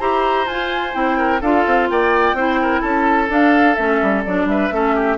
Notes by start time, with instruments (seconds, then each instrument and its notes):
0.00 bassoon E4, clarinet G4, oboe C5, flute A#5
0.47 bassoon F4, clarinet F4, flute G#5
0.93 bassoon C4, clarinet E4, flute G5
1.18 oboe A#4
1.41 bassoon D4, clarinet F4, oboe A4, flute F5
1.66 bassoon C4
1.90 bassoon A#3, oboe D5, flute G5
2.33 bassoon C4, clarinet E4, oboe C5
2.62 oboe A#4
2.81 bassoon C#4, oboe A4, flute A5
3.29 clarinet D4, bassoon D4, flute F5
3.75 bassoon A3, clarinet C#4, flute E5
4.02 bassoon G3
4.25 bassoon F#3, clarinet D4, flute D5
4.46 bassoon G3, oboe B4, flute E5
4.72 bassoon A3, clarinet C#4, oboe A4
4.95 oboe G4